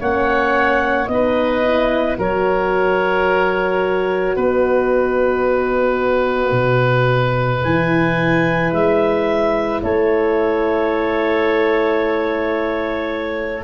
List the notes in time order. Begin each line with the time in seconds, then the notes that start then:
0.00 A#3 C#4 C#5 F#5
1.07 B3 D#4 D#5
1.14 B4
1.64 E4
2.18 F#3 F#4 A#4 C#5
4.36 B3 B4 D#5
6.52 B2
7.63 E3 E4 G#5
8.72 G#3 E5
9.83 A3 A4 C#5